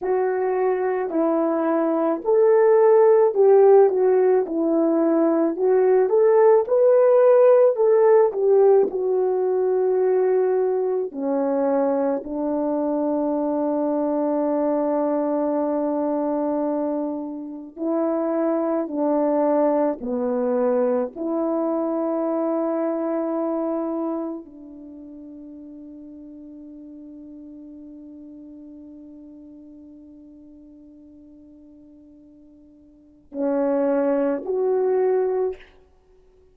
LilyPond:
\new Staff \with { instrumentName = "horn" } { \time 4/4 \tempo 4 = 54 fis'4 e'4 a'4 g'8 fis'8 | e'4 fis'8 a'8 b'4 a'8 g'8 | fis'2 cis'4 d'4~ | d'1 |
e'4 d'4 b4 e'4~ | e'2 d'2~ | d'1~ | d'2 cis'4 fis'4 | }